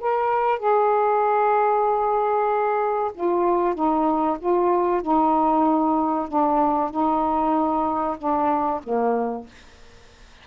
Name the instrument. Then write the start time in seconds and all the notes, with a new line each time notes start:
saxophone
0.00 A#4
0.59 G#4
3.14 F4
3.74 D#4
4.39 F4
5.02 D#4
6.28 D4
6.90 D#4
8.18 D4
8.83 A#3